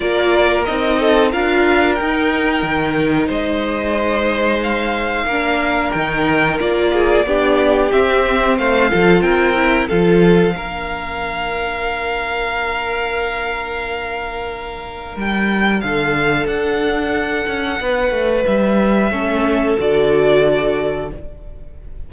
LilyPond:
<<
  \new Staff \with { instrumentName = "violin" } { \time 4/4 \tempo 4 = 91 d''4 dis''4 f''4 g''4~ | g''4 dis''2 f''4~ | f''4 g''4 d''2 | e''4 f''4 g''4 f''4~ |
f''1~ | f''2. g''4 | f''4 fis''2. | e''2 d''2 | }
  \new Staff \with { instrumentName = "violin" } { \time 4/4 ais'4. a'8 ais'2~ | ais'4 c''2. | ais'2~ ais'8 gis'8 g'4~ | g'4 c''8 a'8 ais'4 a'4 |
ais'1~ | ais'1 | a'2. b'4~ | b'4 a'2. | }
  \new Staff \with { instrumentName = "viola" } { \time 4/4 f'4 dis'4 f'4 dis'4~ | dis'1 | d'4 dis'4 f'4 d'4 | c'4. f'4 e'8 f'4 |
d'1~ | d'1~ | d'1~ | d'4 cis'4 fis'2 | }
  \new Staff \with { instrumentName = "cello" } { \time 4/4 ais4 c'4 d'4 dis'4 | dis4 gis2. | ais4 dis4 ais4 b4 | c'4 a8 f8 c'4 f4 |
ais1~ | ais2. g4 | d4 d'4. cis'8 b8 a8 | g4 a4 d2 | }
>>